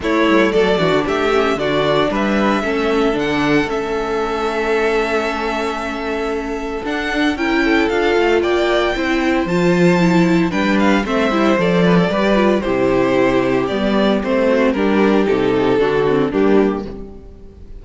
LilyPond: <<
  \new Staff \with { instrumentName = "violin" } { \time 4/4 \tempo 4 = 114 cis''4 d''4 e''4 d''4 | e''2 fis''4 e''4~ | e''1~ | e''4 fis''4 g''4 f''4 |
g''2 a''2 | g''8 f''8 e''4 d''2 | c''2 d''4 c''4 | ais'4 a'2 g'4 | }
  \new Staff \with { instrumentName = "violin" } { \time 4/4 e'4 a'8 fis'8 g'4 fis'4 | b'4 a'2.~ | a'1~ | a'2 ais'8 a'4. |
d''4 c''2. | b'4 c''4. b'16 a'16 b'4 | g'2.~ g'8 fis'8 | g'2 fis'4 d'4 | }
  \new Staff \with { instrumentName = "viola" } { \time 4/4 a4. d'4 cis'8 d'4~ | d'4 cis'4 d'4 cis'4~ | cis'1~ | cis'4 d'4 e'4 f'4~ |
f'4 e'4 f'4 e'4 | d'4 c'8 e'8 a'4 g'8 f'8 | e'2 b4 c'4 | d'4 dis'4 d'8 c'8 ais4 | }
  \new Staff \with { instrumentName = "cello" } { \time 4/4 a8 g8 fis8 e16 d16 a4 d4 | g4 a4 d4 a4~ | a1~ | a4 d'4 cis'4 d'8 a8 |
ais4 c'4 f2 | g4 a8 g8 f4 g4 | c2 g4 a4 | g4 c4 d4 g4 | }
>>